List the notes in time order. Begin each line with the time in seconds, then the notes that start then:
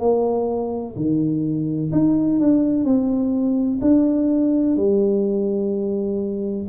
0.00 A#3
0.96 D#3
1.93 D#4
2.40 D4
2.84 C4
3.81 D4
4.77 G3